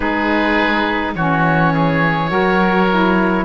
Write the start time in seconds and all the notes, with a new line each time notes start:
0.00 G#3 D#4 G#4 B4
1.15 E3 C#4 F#4 C#5
1.73 G#4
2.28 F#3 F#4 A#4
2.90 E4